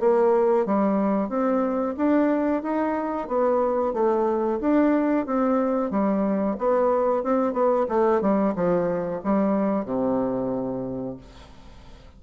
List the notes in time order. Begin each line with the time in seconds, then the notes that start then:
0.00 A#3
0.66 G3
1.29 C4
1.97 D4
2.63 D#4
3.28 B3
3.94 A3
4.61 D4
5.26 C4
5.91 G3
6.58 B3
7.23 C4
7.53 B3
7.89 A3
8.21 G3
8.56 F3
9.24 G3
9.85 C3